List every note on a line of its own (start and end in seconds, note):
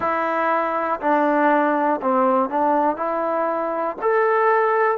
0.00 1.00 E4
1.00 2.00 D4
2.01 2.49 C4
2.49 2.96 D4
2.96 3.96 E4
4.01 4.97 A4